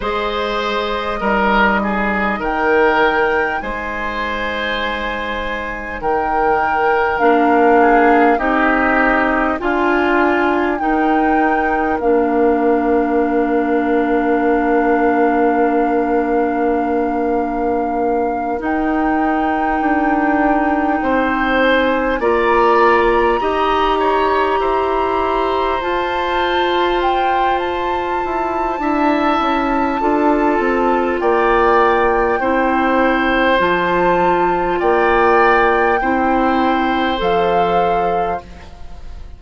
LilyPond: <<
  \new Staff \with { instrumentName = "flute" } { \time 4/4 \tempo 4 = 50 dis''2 g''4 gis''4~ | gis''4 g''4 f''4 dis''4 | gis''4 g''4 f''2~ | f''2.~ f''8 g''8~ |
g''2 gis''8 ais''4.~ | ais''4. a''4 g''8 a''4~ | a''2 g''2 | a''4 g''2 f''4 | }
  \new Staff \with { instrumentName = "oboe" } { \time 4/4 c''4 ais'8 gis'8 ais'4 c''4~ | c''4 ais'4. gis'8 g'4 | f'4 ais'2.~ | ais'1~ |
ais'4. c''4 d''4 dis''8 | cis''8 c''2.~ c''8 | e''4 a'4 d''4 c''4~ | c''4 d''4 c''2 | }
  \new Staff \with { instrumentName = "clarinet" } { \time 4/4 gis'4 dis'2.~ | dis'2 d'4 dis'4 | f'4 dis'4 d'2~ | d'2.~ d'8 dis'8~ |
dis'2~ dis'8 f'4 g'8~ | g'4. f'2~ f'8 | e'4 f'2 e'4 | f'2 e'4 a'4 | }
  \new Staff \with { instrumentName = "bassoon" } { \time 4/4 gis4 g4 dis4 gis4~ | gis4 dis4 ais4 c'4 | d'4 dis'4 ais2~ | ais2.~ ais8 dis'8~ |
dis'8 d'4 c'4 ais4 dis'8~ | dis'8 e'4 f'2 e'8 | d'8 cis'8 d'8 c'8 ais4 c'4 | f4 ais4 c'4 f4 | }
>>